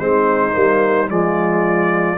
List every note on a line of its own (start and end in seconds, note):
0.00 0.55 G#3
0.00 0.53 C4
0.00 1.10 D#4
0.00 1.09 C5
0.53 1.11 G3
0.53 1.07 A#3
1.08 2.18 F3
1.08 2.17 G#3
1.08 2.18 F4
1.08 2.18 D5